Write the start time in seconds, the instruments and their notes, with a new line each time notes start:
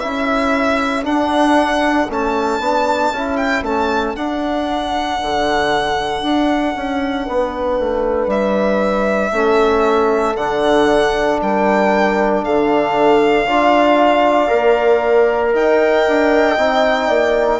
0.00 bassoon C#4, trombone E4, horn A4, violin E5
1.03 trombone D4, bassoon D4, violin F#5
2.09 bassoon A3, trombone C#4, violin A5
2.59 bassoon B3, trombone D4
3.12 bassoon C#4, trombone E4
3.37 violin G5
3.62 bassoon A3, trombone C#4, violin A5
4.16 bassoon D4, trombone D4, violin F#5
5.22 bassoon D3
6.23 bassoon D4
6.76 bassoon C#4
7.26 bassoon B3, horn B4
7.79 bassoon A3
8.27 bassoon G3, violin E5
9.31 bassoon A3, trombone C#4, horn A4
10.36 bassoon D3, trombone D4, violin F#5
11.41 bassoon G3, horn A#4, violin G5
12.44 bassoon D3, horn A4, violin F5
13.46 bassoon D4, trombone F4, horn D5
14.48 bassoon A#3, trombone A#4
15.53 bassoon D#4, horn D#5, violin G5
16.08 bassoon D4
16.58 bassoon C4, trombone D#4
17.07 bassoon A#3, horn D5